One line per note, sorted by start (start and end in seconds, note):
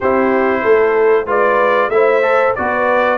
0.00 0.64 C4
0.00 1.26 E4
0.00 0.61 G4
0.00 1.28 C5
0.62 1.26 A3
0.62 1.25 A4
1.26 1.88 G#3
1.26 1.90 F4
1.26 1.90 B4
1.26 1.89 D5
1.88 2.52 A3
1.88 2.22 E4
1.88 2.57 C5
1.88 2.53 E5
2.22 2.54 A4
2.55 3.18 B3
2.55 3.18 F#4
2.55 3.18 B4
2.55 3.18 D5